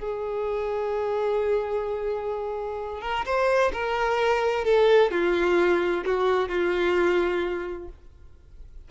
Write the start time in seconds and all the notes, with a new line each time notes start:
0.00 G#4
3.02 A#4
3.26 C5
3.74 A#4
4.65 A4
5.11 F4
6.06 F#4
6.49 F4